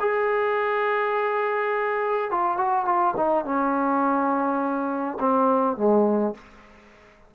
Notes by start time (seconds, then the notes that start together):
0.00 G#4
2.31 F4
2.57 F#4
2.85 F4
3.16 D#4
3.45 C#4
5.19 C4
5.77 G#3